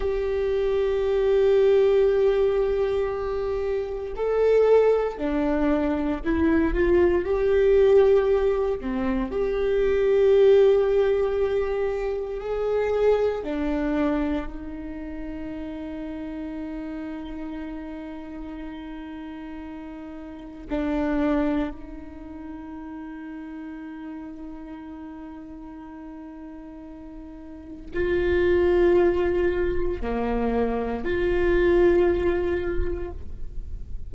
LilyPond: \new Staff \with { instrumentName = "viola" } { \time 4/4 \tempo 4 = 58 g'1 | a'4 d'4 e'8 f'8 g'4~ | g'8 c'8 g'2. | gis'4 d'4 dis'2~ |
dis'1 | d'4 dis'2.~ | dis'2. f'4~ | f'4 ais4 f'2 | }